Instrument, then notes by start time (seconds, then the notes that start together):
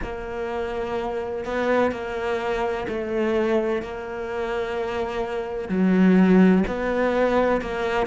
cello
0.02 A#3
1.44 B3
1.91 A#3
2.88 A3
3.82 A#3
5.68 F#3
6.67 B3
7.61 A#3